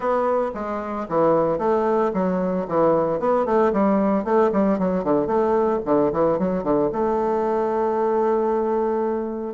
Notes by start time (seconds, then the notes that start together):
0.00 B3
0.54 G#3
1.09 E3
1.58 A3
2.13 F#3
2.68 E3
3.19 B3
3.45 A3
3.72 G3
4.24 A3
4.52 G3
4.78 F#3
5.03 D3
5.26 A3
5.85 D3
6.12 E3
6.38 F#3
6.63 D3
6.92 A3